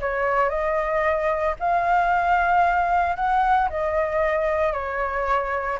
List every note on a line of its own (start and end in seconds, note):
0.00 0.49 C#5
0.49 1.55 D#5
1.60 3.16 F5
3.16 3.69 F#5
3.69 4.73 D#5
4.73 5.79 C#5